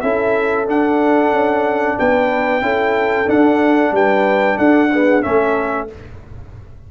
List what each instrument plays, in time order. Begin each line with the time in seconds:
0.00 tuba C#4, trombone E4, horn A4, trumpet E5
0.66 trombone D4, tuba D4, trumpet F#5
1.32 tuba C#4
1.98 tuba B3, horn B4, trumpet G5
2.61 tuba C#4, trombone E4, horn A4
3.26 trombone D4, tuba D4, trumpet F#5
3.92 tuba G3, horn B4, trumpet G5
4.58 tuba D4, horn A4, trumpet F#5
4.92 trombone B3, horn G#4
5.22 tuba A3, trombone C#4, horn A4, trumpet E5